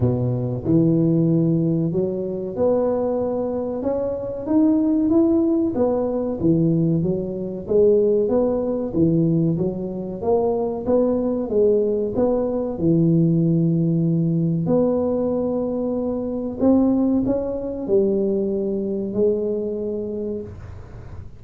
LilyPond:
\new Staff \with { instrumentName = "tuba" } { \time 4/4 \tempo 4 = 94 b,4 e2 fis4 | b2 cis'4 dis'4 | e'4 b4 e4 fis4 | gis4 b4 e4 fis4 |
ais4 b4 gis4 b4 | e2. b4~ | b2 c'4 cis'4 | g2 gis2 | }